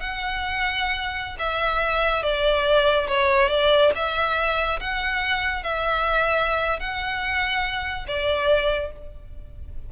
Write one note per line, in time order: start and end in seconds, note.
0.00 1.37 F#5
1.39 2.23 E5
2.23 3.07 D5
3.07 3.49 C#5
3.49 3.91 D5
3.95 4.80 E5
4.80 5.64 F#5
5.64 6.80 E5
6.80 8.06 F#5
8.07 8.92 D5